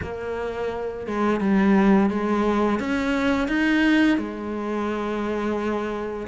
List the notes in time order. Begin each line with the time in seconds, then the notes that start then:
0.02 A#3
1.06 G#3
1.40 G3
2.09 G#3
2.79 C#4
3.48 D#4
4.17 G#3